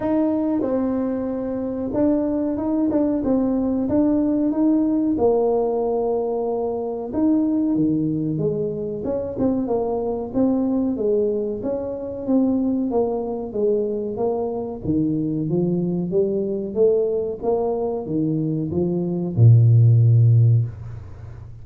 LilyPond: \new Staff \with { instrumentName = "tuba" } { \time 4/4 \tempo 4 = 93 dis'4 c'2 d'4 | dis'8 d'8 c'4 d'4 dis'4 | ais2. dis'4 | dis4 gis4 cis'8 c'8 ais4 |
c'4 gis4 cis'4 c'4 | ais4 gis4 ais4 dis4 | f4 g4 a4 ais4 | dis4 f4 ais,2 | }